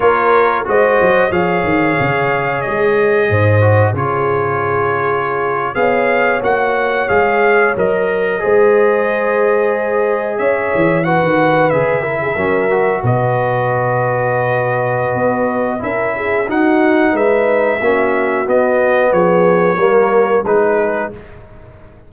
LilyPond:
<<
  \new Staff \with { instrumentName = "trumpet" } { \time 4/4 \tempo 4 = 91 cis''4 dis''4 f''2 | dis''2 cis''2~ | cis''8. f''4 fis''4 f''4 dis''16~ | dis''2.~ dis''8. e''16~ |
e''8. fis''4 e''2 dis''16~ | dis''1 | e''4 fis''4 e''2 | dis''4 cis''2 b'4 | }
  \new Staff \with { instrumentName = "horn" } { \time 4/4 ais'4 c''4 cis''2~ | cis''4 c''4 gis'2~ | gis'8. cis''2.~ cis''16~ | cis''8. c''2. cis''16~ |
cis''8. b'4. ais'16 gis'16 ais'4 b'16~ | b'1 | ais'8 gis'8 fis'4 b'4 fis'4~ | fis'4 gis'4 ais'4 gis'4 | }
  \new Staff \with { instrumentName = "trombone" } { \time 4/4 f'4 fis'4 gis'2~ | gis'4. fis'8 f'2~ | f'8. gis'4 fis'4 gis'4 ais'16~ | ais'8. gis'2.~ gis'16~ |
gis'8. fis'4 gis'8 e'8 cis'8 fis'8.~ | fis'1 | e'4 dis'2 cis'4 | b2 ais4 dis'4 | }
  \new Staff \with { instrumentName = "tuba" } { \time 4/4 ais4 gis8 fis8 f8 dis8 cis4 | gis4 gis,4 cis2~ | cis8. b4 ais4 gis4 fis16~ | fis8. gis2. cis'16~ |
cis'16 e8. dis8. cis4 fis4 b,16~ | b,2. b4 | cis'4 dis'4 gis4 ais4 | b4 f4 g4 gis4 | }
>>